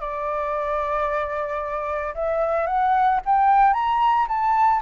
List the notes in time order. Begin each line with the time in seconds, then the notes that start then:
0.00 D5
2.15 E5
2.66 F#5
3.25 G5
3.73 A#5
4.28 A5